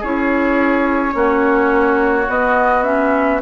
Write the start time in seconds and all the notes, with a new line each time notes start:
0.00 C#4 E4 G#4 C#5
1.11 A#3 C#4 F#4
2.28 B3 D#5
2.83 C#4 E5